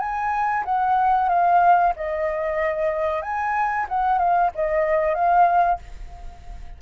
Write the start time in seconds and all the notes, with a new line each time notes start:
0.00 G#5
0.65 F#5
1.29 F5
1.96 D#5
3.22 G#5
3.89 F#5
4.19 F5
4.55 D#5
5.15 F5